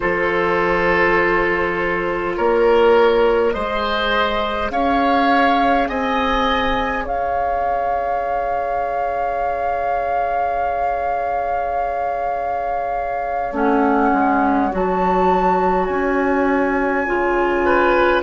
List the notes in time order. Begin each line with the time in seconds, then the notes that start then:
0.00 F3 F4 A4 C5
2.36 A#3 A#4 C#5
3.51 G#3 G#4 C5 D#5
4.70 C#4 C#5 F5
5.87 C4 D#5 G#5
7.04 C#4 C#5 F5
13.51 A3 C#4 F#5
14.12 G#3
14.71 F#3 F#4 A5
15.85 C#4 G#5
17.06 C#3 F4
17.65 B4